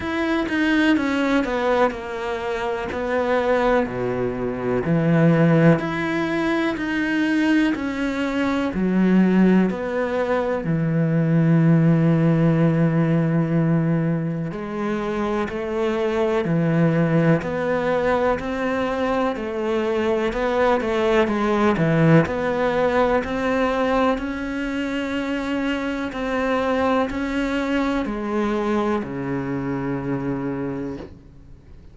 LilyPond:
\new Staff \with { instrumentName = "cello" } { \time 4/4 \tempo 4 = 62 e'8 dis'8 cis'8 b8 ais4 b4 | b,4 e4 e'4 dis'4 | cis'4 fis4 b4 e4~ | e2. gis4 |
a4 e4 b4 c'4 | a4 b8 a8 gis8 e8 b4 | c'4 cis'2 c'4 | cis'4 gis4 cis2 | }